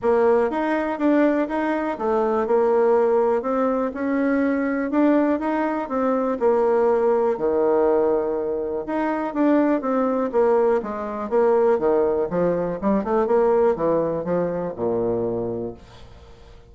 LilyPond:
\new Staff \with { instrumentName = "bassoon" } { \time 4/4 \tempo 4 = 122 ais4 dis'4 d'4 dis'4 | a4 ais2 c'4 | cis'2 d'4 dis'4 | c'4 ais2 dis4~ |
dis2 dis'4 d'4 | c'4 ais4 gis4 ais4 | dis4 f4 g8 a8 ais4 | e4 f4 ais,2 | }